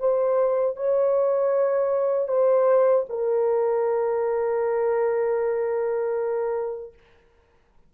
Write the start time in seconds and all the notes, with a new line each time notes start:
0.00 C5
0.77 C#5
2.29 C5
3.09 A#4